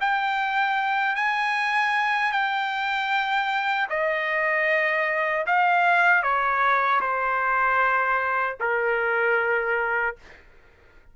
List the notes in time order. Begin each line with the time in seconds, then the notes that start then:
0.00 G5
1.15 G#5
2.32 G5
3.89 D#5
5.46 F5
6.22 C#5
7.01 C5
8.60 A#4